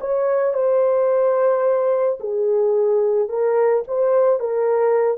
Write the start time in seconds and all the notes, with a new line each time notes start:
0.00 C#5
0.53 C5
2.20 G#4
3.29 A#4
3.87 C5
4.39 A#4